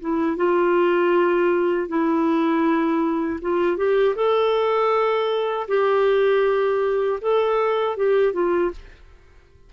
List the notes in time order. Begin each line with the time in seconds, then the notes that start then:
0.00 E4
0.36 F4
1.88 E4
3.41 F4
3.77 G4
4.15 A4
5.67 G4
7.20 A4
7.96 G4
8.33 F4